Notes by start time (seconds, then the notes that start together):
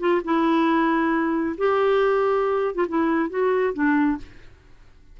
0.00 F4
0.25 E4
1.58 G4
2.75 F4
2.89 E4
3.30 F#4
3.74 D4